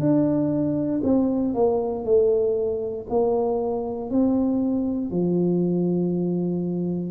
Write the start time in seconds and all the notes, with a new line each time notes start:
0.00 D4
1.04 C4
1.54 A#3
2.05 A3
3.10 A#3
4.10 C4
5.11 F3